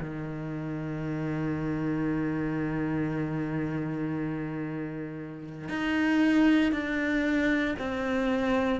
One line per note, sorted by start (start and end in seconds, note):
0.00 5.69 D#3
5.69 6.72 D#4
6.72 7.75 D4
7.79 8.80 C4